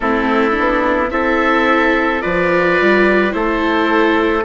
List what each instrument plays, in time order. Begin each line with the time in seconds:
0.00 bassoon A3, viola C4, trumpet E4, oboe A4
0.51 viola D4
0.58 bassoon B3
1.10 bassoon C4, viola E4, trumpet A4, oboe E5
2.21 bassoon F3, viola F4, trumpet B4, oboe D5
2.80 bassoon G3
3.31 bassoon A3, viola E4, trumpet A4, oboe C5